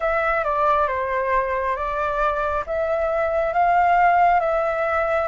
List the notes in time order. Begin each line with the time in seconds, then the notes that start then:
0.00 E5
0.44 D5
0.87 C5
1.76 D5
2.66 E5
3.53 F5
4.40 E5